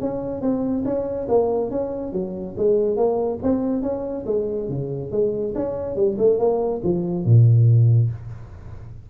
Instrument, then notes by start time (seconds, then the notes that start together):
tuba
0.00 C#4
0.41 C4
0.85 C#4
1.28 A#3
1.70 C#4
2.13 F#3
2.57 G#3
2.96 A#3
3.42 C4
3.82 C#4
4.26 G#3
4.69 C#3
5.11 G#3
5.55 C#4
5.96 G3
6.18 A3
6.39 A#3
6.83 F3
7.25 A#2